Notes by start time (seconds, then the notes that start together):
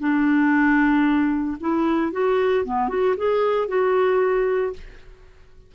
0.00 D4
1.61 E4
2.13 F#4
2.65 B3
2.89 F#4
3.17 G#4
3.68 F#4